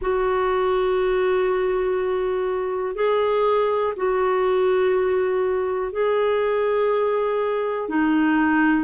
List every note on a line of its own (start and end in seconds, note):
0.01 2.95 F#4
2.95 3.93 G#4
3.96 5.92 F#4
5.92 7.88 G#4
7.88 8.84 D#4